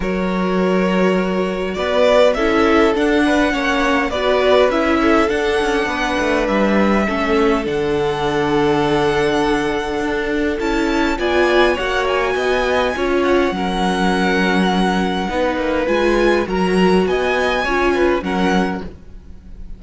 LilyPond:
<<
  \new Staff \with { instrumentName = "violin" } { \time 4/4 \tempo 4 = 102 cis''2. d''4 | e''4 fis''2 d''4 | e''4 fis''2 e''4~ | e''4 fis''2.~ |
fis''2 a''4 gis''4 | fis''8 gis''2 fis''4.~ | fis''2. gis''4 | ais''4 gis''2 fis''4 | }
  \new Staff \with { instrumentName = "violin" } { \time 4/4 ais'2. b'4 | a'4. b'8 cis''4 b'4~ | b'8 a'4. b'2 | a'1~ |
a'2. d''4 | cis''4 dis''4 cis''4 ais'4~ | ais'2 b'2 | ais'4 dis''4 cis''8 b'8 ais'4 | }
  \new Staff \with { instrumentName = "viola" } { \time 4/4 fis'1 | e'4 d'4 cis'4 fis'4 | e'4 d'2. | cis'4 d'2.~ |
d'2 e'4 f'4 | fis'2 f'4 cis'4~ | cis'2 dis'4 f'4 | fis'2 f'4 cis'4 | }
  \new Staff \with { instrumentName = "cello" } { \time 4/4 fis2. b4 | cis'4 d'4 ais4 b4 | cis'4 d'8 cis'8 b8 a8 g4 | a4 d2.~ |
d4 d'4 cis'4 b4 | ais4 b4 cis'4 fis4~ | fis2 b8 ais8 gis4 | fis4 b4 cis'4 fis4 | }
>>